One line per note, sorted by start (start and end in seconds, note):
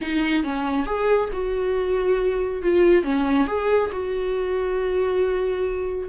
0.01 0.43 D#4
0.43 0.86 C#4
0.86 1.29 G#4
1.32 2.62 F#4
2.62 3.03 F4
3.03 3.47 C#4
3.47 3.90 G#4
3.92 6.08 F#4